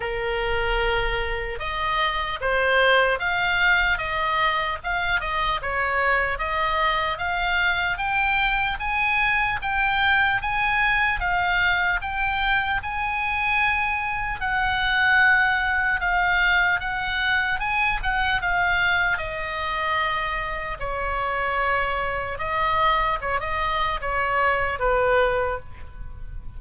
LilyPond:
\new Staff \with { instrumentName = "oboe" } { \time 4/4 \tempo 4 = 75 ais'2 dis''4 c''4 | f''4 dis''4 f''8 dis''8 cis''4 | dis''4 f''4 g''4 gis''4 | g''4 gis''4 f''4 g''4 |
gis''2 fis''2 | f''4 fis''4 gis''8 fis''8 f''4 | dis''2 cis''2 | dis''4 cis''16 dis''8. cis''4 b'4 | }